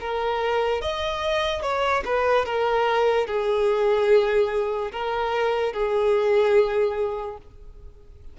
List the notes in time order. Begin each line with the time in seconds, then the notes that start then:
0.00 A#4
0.81 D#5
1.62 C#5
2.05 B4
2.45 A#4
3.27 G#4
4.92 A#4
5.73 G#4